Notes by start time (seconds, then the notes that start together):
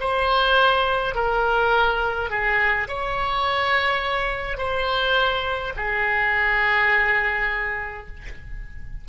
0.00 C5
1.14 A#4
2.30 G#4
2.88 C#5
4.58 C5
5.76 G#4